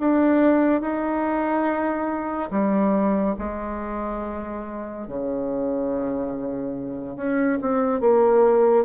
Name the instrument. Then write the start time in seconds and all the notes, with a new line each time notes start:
bassoon
0.00 D4
0.81 D#4
2.51 G3
3.39 G#3
5.08 C#3
7.17 C#4
7.62 C4
8.01 A#3